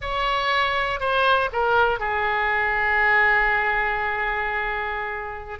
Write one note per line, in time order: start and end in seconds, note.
0.01 1.00 C#5
1.00 1.49 C5
1.52 1.99 A#4
1.99 5.59 G#4